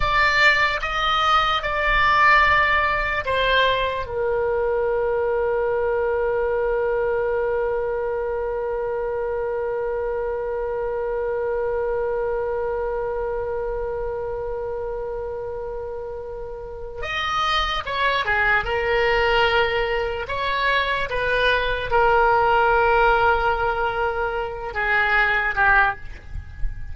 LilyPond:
\new Staff \with { instrumentName = "oboe" } { \time 4/4 \tempo 4 = 74 d''4 dis''4 d''2 | c''4 ais'2.~ | ais'1~ | ais'1~ |
ais'1~ | ais'4 dis''4 cis''8 gis'8 ais'4~ | ais'4 cis''4 b'4 ais'4~ | ais'2~ ais'8 gis'4 g'8 | }